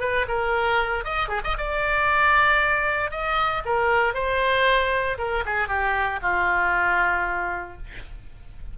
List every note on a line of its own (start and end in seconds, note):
0.00 0.26 B4
0.28 1.04 A#4
1.04 1.28 D#5
1.28 1.41 G#4
1.44 1.57 D#5
1.58 3.11 D5
3.11 3.63 D#5
3.65 4.14 A#4
4.14 5.17 C5
5.18 5.44 A#4
5.45 5.68 G#4
5.68 6.20 G4
6.22 7.77 F4